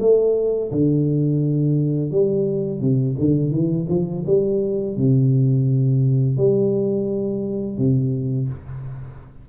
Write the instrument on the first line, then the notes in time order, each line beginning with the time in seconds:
tuba
0.00 A3
0.71 D3
2.11 G3
2.80 C3
3.19 D3
3.51 E3
3.89 F3
4.26 G3
4.96 C3
6.37 G3
7.77 C3